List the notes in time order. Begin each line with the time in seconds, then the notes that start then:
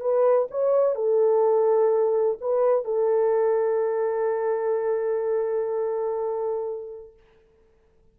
0.00 B4
0.50 C#5
0.95 A4
2.40 B4
2.85 A4